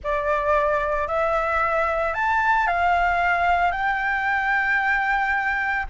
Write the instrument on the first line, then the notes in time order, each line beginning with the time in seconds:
flute
0.03 D5
1.07 E5
2.14 A5
2.67 F5
3.71 G5